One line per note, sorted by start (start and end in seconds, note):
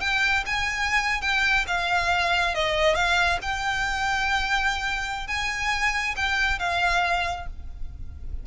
0.00 0.44 G5
0.46 1.21 G#5
1.21 1.65 G5
1.67 2.54 F5
2.54 2.95 D#5
2.95 3.39 F5
3.42 5.27 G5
5.27 6.15 G#5
6.16 6.59 G5
6.59 7.47 F5